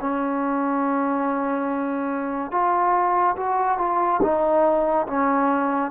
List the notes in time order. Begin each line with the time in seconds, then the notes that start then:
0.00 C#4
2.51 F4
3.36 F#4
3.78 F4
4.22 D#4
5.07 C#4